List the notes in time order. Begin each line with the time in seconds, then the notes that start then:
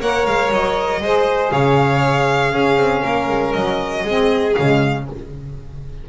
0.00 A#3 A#4 C#5 F#5
0.26 G#3 F5
0.50 F#3 D#5
1.00 G#3 G#4 C5
1.51 C#3 C#5 F5
2.51 C#4 G#4
2.77 C4
3.02 A#3 A#4
3.28 G#3
3.53 F#3 D#5
4.03 G#3 C4 G#4
4.55 C#3 G#3 F5